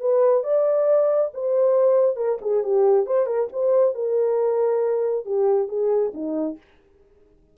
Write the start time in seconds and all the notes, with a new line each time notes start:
0.00 B4
0.43 D5
1.33 C5
2.16 A#4
2.41 G#4
2.63 G4
3.06 C5
3.26 A#4
3.52 C5
3.94 A#4
5.25 G4
5.68 G#4
6.14 D#4